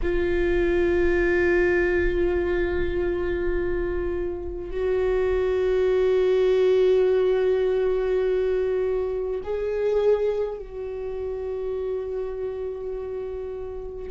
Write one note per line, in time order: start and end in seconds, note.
0.02 4.71 F4
4.71 9.41 F#4
9.43 10.59 G#4
10.59 14.10 F#4